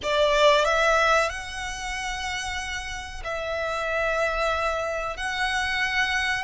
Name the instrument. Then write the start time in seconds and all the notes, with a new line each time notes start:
violin
0.02 D5
0.65 E5
1.29 F#5
3.24 E5
5.16 F#5